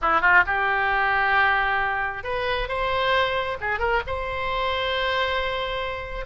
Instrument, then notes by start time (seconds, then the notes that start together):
oboe
0.01 E4
0.21 F4
0.46 G4
2.23 B4
2.68 C5
3.60 G#4
3.79 A#4
4.06 C5